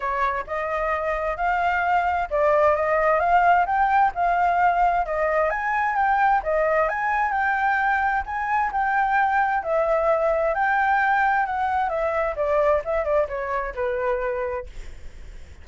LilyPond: \new Staff \with { instrumentName = "flute" } { \time 4/4 \tempo 4 = 131 cis''4 dis''2 f''4~ | f''4 d''4 dis''4 f''4 | g''4 f''2 dis''4 | gis''4 g''4 dis''4 gis''4 |
g''2 gis''4 g''4~ | g''4 e''2 g''4~ | g''4 fis''4 e''4 d''4 | e''8 d''8 cis''4 b'2 | }